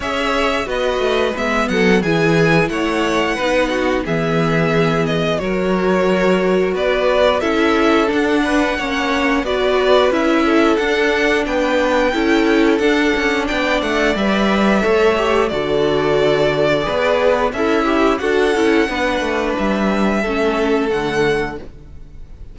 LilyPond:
<<
  \new Staff \with { instrumentName = "violin" } { \time 4/4 \tempo 4 = 89 e''4 dis''4 e''8 fis''8 gis''4 | fis''2 e''4. dis''8 | cis''2 d''4 e''4 | fis''2 d''4 e''4 |
fis''4 g''2 fis''4 | g''8 fis''8 e''2 d''4~ | d''2 e''4 fis''4~ | fis''4 e''2 fis''4 | }
  \new Staff \with { instrumentName = "violin" } { \time 4/4 cis''4 b'4. a'8 gis'4 | cis''4 b'8 fis'8 gis'2 | ais'2 b'4 a'4~ | a'8 b'8 cis''4 b'4. a'8~ |
a'4 b'4 a'2 | d''2 cis''4 a'4~ | a'4 b'4 e'4 a'4 | b'2 a'2 | }
  \new Staff \with { instrumentName = "viola" } { \time 4/4 gis'4 fis'4 b4 e'4~ | e'4 dis'4 b2 | fis'2. e'4 | d'4 cis'4 fis'4 e'4 |
d'2 e'4 d'4~ | d'4 b'4 a'8 g'8 fis'4~ | fis'4 gis'4 a'8 g'8 fis'8 e'8 | d'2 cis'4 a4 | }
  \new Staff \with { instrumentName = "cello" } { \time 4/4 cis'4 b8 a8 gis8 fis8 e4 | a4 b4 e2 | fis2 b4 cis'4 | d'4 ais4 b4 cis'4 |
d'4 b4 cis'4 d'8 cis'8 | b8 a8 g4 a4 d4~ | d4 b4 cis'4 d'8 cis'8 | b8 a8 g4 a4 d4 | }
>>